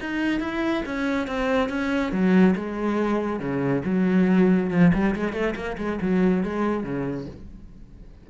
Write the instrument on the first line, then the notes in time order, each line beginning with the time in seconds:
cello
0.00 D#4
0.40 E4
0.85 C#4
1.27 C4
1.69 C#4
2.12 F#3
2.55 G#3
3.39 C#3
3.84 F#3
4.70 F3
4.93 G3
5.15 G#3
5.32 A3
5.55 A#3
5.77 G#3
6.01 F#3
6.43 G#3
6.83 C#3